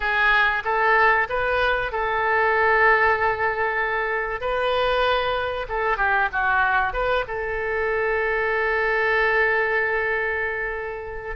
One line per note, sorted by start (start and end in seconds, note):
0.00 0.63 G#4
0.64 1.27 A4
1.29 1.91 B4
1.91 4.40 A4
4.40 5.67 B4
5.68 5.97 A4
5.97 6.28 G4
6.32 6.93 F#4
6.93 7.24 B4
7.27 11.36 A4